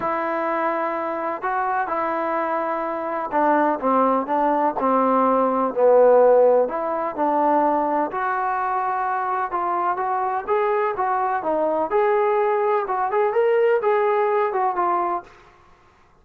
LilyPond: \new Staff \with { instrumentName = "trombone" } { \time 4/4 \tempo 4 = 126 e'2. fis'4 | e'2. d'4 | c'4 d'4 c'2 | b2 e'4 d'4~ |
d'4 fis'2. | f'4 fis'4 gis'4 fis'4 | dis'4 gis'2 fis'8 gis'8 | ais'4 gis'4. fis'8 f'4 | }